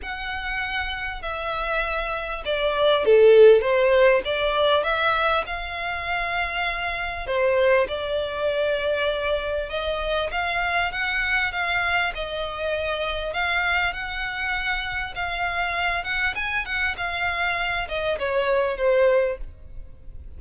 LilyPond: \new Staff \with { instrumentName = "violin" } { \time 4/4 \tempo 4 = 99 fis''2 e''2 | d''4 a'4 c''4 d''4 | e''4 f''2. | c''4 d''2. |
dis''4 f''4 fis''4 f''4 | dis''2 f''4 fis''4~ | fis''4 f''4. fis''8 gis''8 fis''8 | f''4. dis''8 cis''4 c''4 | }